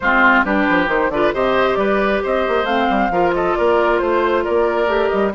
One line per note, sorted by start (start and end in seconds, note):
0.00 0.44 G#3
0.00 0.45 C4
0.00 0.44 F4
0.00 0.42 C5
0.44 0.66 G3
0.44 0.86 D4
0.44 1.11 G4
0.44 0.88 B4
0.68 0.88 F3
0.86 1.09 D#3
0.86 1.08 D#4
0.86 1.10 C5
1.09 1.31 D3
1.09 1.34 F4
1.09 1.33 B4
1.09 1.33 D5
1.33 1.76 C3
1.33 2.67 G4
1.33 1.78 C5
1.33 1.75 D#5
1.75 2.20 G3
1.75 2.23 B4
1.75 2.19 D5
2.23 2.47 C4
2.23 3.12 C5
2.23 2.65 D#5
2.47 2.64 A#3
2.64 2.86 A3
2.64 3.11 C4
2.64 3.32 F5
2.89 3.10 G3
3.10 3.54 F3
3.10 4.87 F4
3.10 3.34 A#4
3.33 3.57 A4
3.33 3.55 D#5
3.55 4.00 A#3
3.55 4.01 A#4
3.55 3.98 D5
3.98 4.45 A3
3.98 4.42 C5
3.98 4.43 C5
4.43 4.87 A#3
4.43 5.32 A#4
4.43 5.08 D5
4.87 5.09 A3
4.87 5.32 G4
5.08 5.34 G3
5.08 5.30 D#5